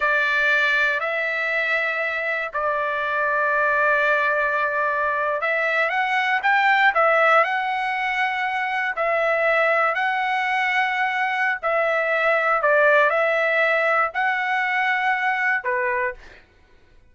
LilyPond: \new Staff \with { instrumentName = "trumpet" } { \time 4/4 \tempo 4 = 119 d''2 e''2~ | e''4 d''2.~ | d''2~ d''8. e''4 fis''16~ | fis''8. g''4 e''4 fis''4~ fis''16~ |
fis''4.~ fis''16 e''2 fis''16~ | fis''2. e''4~ | e''4 d''4 e''2 | fis''2. b'4 | }